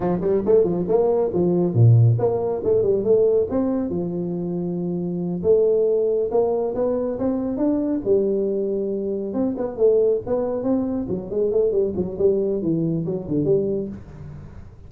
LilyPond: \new Staff \with { instrumentName = "tuba" } { \time 4/4 \tempo 4 = 138 f8 g8 a8 f8 ais4 f4 | ais,4 ais4 a8 g8 a4 | c'4 f2.~ | f8 a2 ais4 b8~ |
b8 c'4 d'4 g4.~ | g4. c'8 b8 a4 b8~ | b8 c'4 fis8 gis8 a8 g8 fis8 | g4 e4 fis8 d8 g4 | }